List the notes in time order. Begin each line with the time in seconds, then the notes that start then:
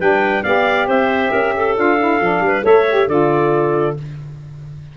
0.00 G3 D4 B4 G5
0.44 B3 G4 D5 F5
0.87 C4 C5 E5
1.32 C#4 A#4
1.57 A4
1.76 D4 F4 F5
1.99 E4
2.21 F3 D4
2.41 G3
2.47 B4
2.64 A3 A4 C#5 E5
2.91 G4
3.08 D3 F4 A4 D5